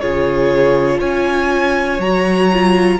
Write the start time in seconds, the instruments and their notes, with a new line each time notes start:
0.00 cello C#3, viola F4, violin G#4 C#5
0.99 cello C#4, violin C#5 G#5
1.99 cello F#3, viola F#4, violin A#5
2.53 viola F4